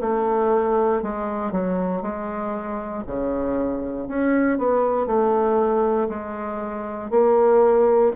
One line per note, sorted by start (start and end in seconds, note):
0.00 1.02 A3
1.02 1.51 G#3
1.51 2.02 F#3
2.02 3.03 G#3
3.06 4.08 C#3
4.08 4.58 C#4
4.58 5.06 B3
5.06 6.08 A3
6.08 7.10 G#3
7.10 8.12 A#3